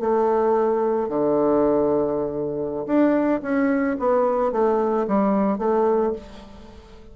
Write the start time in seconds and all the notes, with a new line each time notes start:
0.00 A3
1.09 D3
2.86 D4
3.42 C#4
3.99 B3
4.52 A3
5.08 G3
5.58 A3